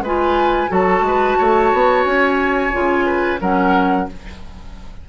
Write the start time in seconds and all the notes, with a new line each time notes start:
0.00 G#3 F4 B4 G#5
0.68 F#3 F#4 A4 A5
1.01 G#3 B4
1.38 A3 C#5
1.73 B3
2.04 C#4 G#5
2.72 C#3 F4
3.06 B4
3.40 F#3 C#4 A#4 F#5